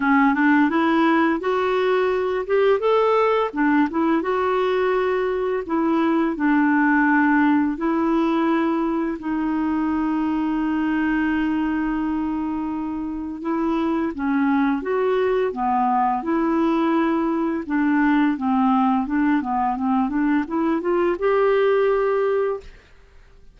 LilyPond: \new Staff \with { instrumentName = "clarinet" } { \time 4/4 \tempo 4 = 85 cis'8 d'8 e'4 fis'4. g'8 | a'4 d'8 e'8 fis'2 | e'4 d'2 e'4~ | e'4 dis'2.~ |
dis'2. e'4 | cis'4 fis'4 b4 e'4~ | e'4 d'4 c'4 d'8 b8 | c'8 d'8 e'8 f'8 g'2 | }